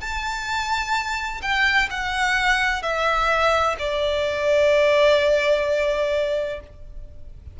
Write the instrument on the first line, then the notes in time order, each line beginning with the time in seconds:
violin
0.00 A5
1.41 G5
1.90 F#5
2.82 E5
3.78 D5